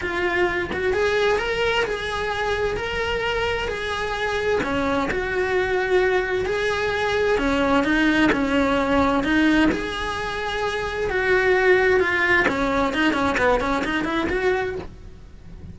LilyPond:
\new Staff \with { instrumentName = "cello" } { \time 4/4 \tempo 4 = 130 f'4. fis'8 gis'4 ais'4 | gis'2 ais'2 | gis'2 cis'4 fis'4~ | fis'2 gis'2 |
cis'4 dis'4 cis'2 | dis'4 gis'2. | fis'2 f'4 cis'4 | dis'8 cis'8 b8 cis'8 dis'8 e'8 fis'4 | }